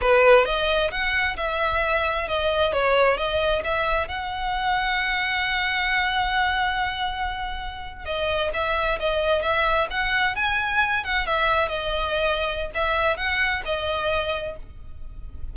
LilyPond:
\new Staff \with { instrumentName = "violin" } { \time 4/4 \tempo 4 = 132 b'4 dis''4 fis''4 e''4~ | e''4 dis''4 cis''4 dis''4 | e''4 fis''2.~ | fis''1~ |
fis''4.~ fis''16 dis''4 e''4 dis''16~ | dis''8. e''4 fis''4 gis''4~ gis''16~ | gis''16 fis''8 e''4 dis''2~ dis''16 | e''4 fis''4 dis''2 | }